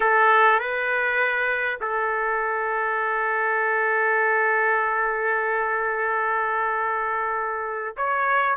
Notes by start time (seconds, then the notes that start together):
0.00 A4
0.59 B4
1.80 A4
7.96 C#5